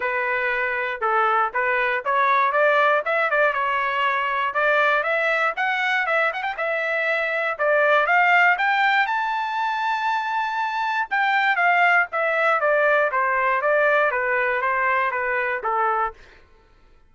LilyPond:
\new Staff \with { instrumentName = "trumpet" } { \time 4/4 \tempo 4 = 119 b'2 a'4 b'4 | cis''4 d''4 e''8 d''8 cis''4~ | cis''4 d''4 e''4 fis''4 | e''8 fis''16 g''16 e''2 d''4 |
f''4 g''4 a''2~ | a''2 g''4 f''4 | e''4 d''4 c''4 d''4 | b'4 c''4 b'4 a'4 | }